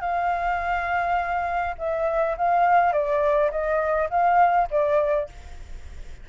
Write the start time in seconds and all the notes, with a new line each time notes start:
0.00 F5
1.78 E5
2.37 F5
2.92 D5
3.51 D#5
4.10 F5
4.71 D5